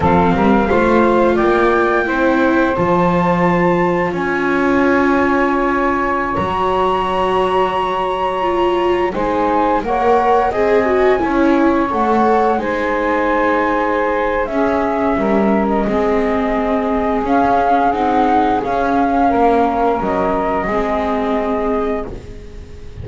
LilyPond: <<
  \new Staff \with { instrumentName = "flute" } { \time 4/4 \tempo 4 = 87 f''2 g''2 | a''2 gis''2~ | gis''4~ gis''16 ais''2~ ais''8.~ | ais''4~ ais''16 gis''4 fis''4 gis''8.~ |
gis''4~ gis''16 fis''4 gis''4.~ gis''16~ | gis''4 e''4.~ e''16 dis''4~ dis''16~ | dis''4 f''4 fis''4 f''4~ | f''4 dis''2. | }
  \new Staff \with { instrumentName = "saxophone" } { \time 4/4 a'8 ais'8 c''4 d''4 c''4~ | c''2 cis''2~ | cis''1~ | cis''4~ cis''16 c''4 cis''4 dis''8.~ |
dis''16 cis''2 c''4.~ c''16~ | c''4 gis'4 ais'4 gis'4~ | gis'1 | ais'2 gis'2 | }
  \new Staff \with { instrumentName = "viola" } { \time 4/4 c'4 f'2 e'4 | f'1~ | f'4~ f'16 fis'2~ fis'8.~ | fis'16 f'4 dis'4 ais'4 gis'8 fis'16~ |
fis'16 e'4 a'4 dis'4.~ dis'16~ | dis'4 cis'2 c'4~ | c'4 cis'4 dis'4 cis'4~ | cis'2 c'2 | }
  \new Staff \with { instrumentName = "double bass" } { \time 4/4 f8 g8 a4 ais4 c'4 | f2 cis'2~ | cis'4~ cis'16 fis2~ fis8.~ | fis4~ fis16 gis4 ais4 c'8.~ |
c'16 cis'4 a4 gis4.~ gis16~ | gis4 cis'4 g4 gis4~ | gis4 cis'4 c'4 cis'4 | ais4 fis4 gis2 | }
>>